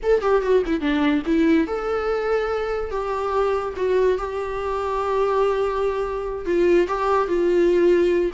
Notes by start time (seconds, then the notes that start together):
0.02 A4
0.21 G4
0.42 F#4
0.66 E4
0.80 D4
1.25 E4
1.67 A4
2.91 G4
3.76 F#4
4.18 G4
6.45 F4
6.87 G4
7.27 F4